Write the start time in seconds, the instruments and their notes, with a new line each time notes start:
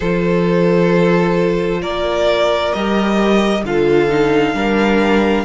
0.00 cello F3, viola F4, violin A4 C5
1.81 cello A#3, violin A#4 D5
2.72 cello G3, viola G4, violin D#5
3.63 cello D3, viola F4, violin A4 F5
4.09 viola D#4
4.54 cello G3, viola D4, violin A#4